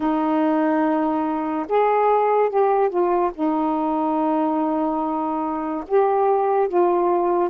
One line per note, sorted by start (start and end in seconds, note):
0.00 1.66 D#4
1.69 2.49 G#4
2.49 2.89 G4
2.89 3.31 F4
3.34 5.84 D#4
5.87 6.68 G4
6.68 7.49 F4